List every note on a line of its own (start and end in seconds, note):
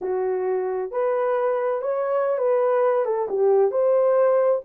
0.01 0.91 F#4
0.91 1.81 B4
1.81 2.37 C#5
2.38 3.05 B4
3.05 3.27 A4
3.28 3.71 G4
3.71 4.61 C5